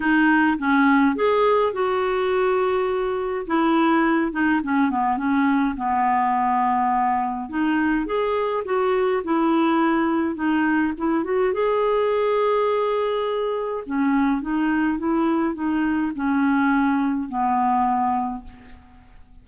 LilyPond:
\new Staff \with { instrumentName = "clarinet" } { \time 4/4 \tempo 4 = 104 dis'4 cis'4 gis'4 fis'4~ | fis'2 e'4. dis'8 | cis'8 b8 cis'4 b2~ | b4 dis'4 gis'4 fis'4 |
e'2 dis'4 e'8 fis'8 | gis'1 | cis'4 dis'4 e'4 dis'4 | cis'2 b2 | }